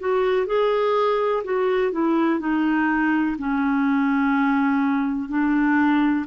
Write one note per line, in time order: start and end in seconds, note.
0.00 0.47 F#4
0.47 1.44 G#4
1.44 1.92 F#4
1.92 2.40 E4
2.40 3.37 D#4
3.39 5.29 C#4
5.29 6.26 D4